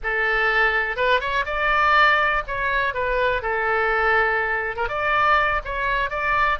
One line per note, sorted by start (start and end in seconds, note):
0.03 0.96 A4
0.96 1.20 B4
1.20 1.45 C#5
1.45 2.43 D5
2.47 2.94 C#5
2.94 3.42 B4
3.42 4.76 A4
4.76 4.88 A#4
4.88 5.61 D5
5.65 6.10 C#5
6.10 6.59 D5